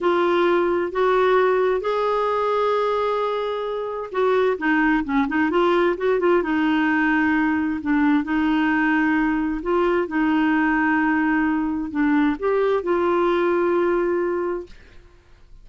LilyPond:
\new Staff \with { instrumentName = "clarinet" } { \time 4/4 \tempo 4 = 131 f'2 fis'2 | gis'1~ | gis'4 fis'4 dis'4 cis'8 dis'8 | f'4 fis'8 f'8 dis'2~ |
dis'4 d'4 dis'2~ | dis'4 f'4 dis'2~ | dis'2 d'4 g'4 | f'1 | }